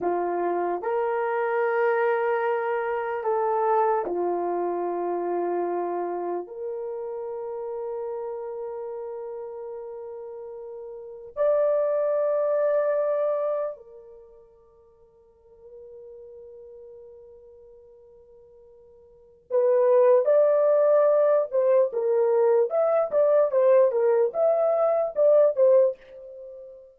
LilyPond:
\new Staff \with { instrumentName = "horn" } { \time 4/4 \tempo 4 = 74 f'4 ais'2. | a'4 f'2. | ais'1~ | ais'2 d''2~ |
d''4 ais'2.~ | ais'1 | b'4 d''4. c''8 ais'4 | e''8 d''8 c''8 ais'8 e''4 d''8 c''8 | }